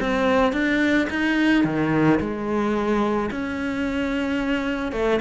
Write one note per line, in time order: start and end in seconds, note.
0.00 0.53 C4
0.53 1.08 D4
1.10 1.64 D#4
1.64 2.19 D#3
2.20 3.30 G#3
3.31 4.92 C#4
4.92 5.20 A3